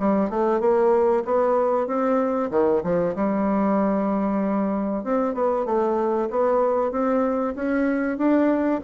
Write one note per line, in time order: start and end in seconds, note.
0.00 0.30 G3
0.30 0.61 A3
0.61 1.24 A#3
1.25 1.87 B3
1.87 2.51 C4
2.51 2.82 D#3
2.84 3.15 F3
3.16 5.04 G3
5.04 5.35 C4
5.35 5.66 B3
5.66 6.29 A3
6.31 6.92 B3
6.92 7.55 C4
7.56 8.18 C#4
8.18 8.81 D4